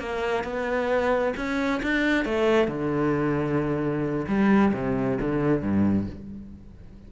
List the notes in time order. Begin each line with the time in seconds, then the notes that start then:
0.00 A#3
0.44 B3
1.37 C#4
1.83 D4
2.25 A3
2.68 D3
4.28 G3
4.74 C3
5.21 D3
5.62 G2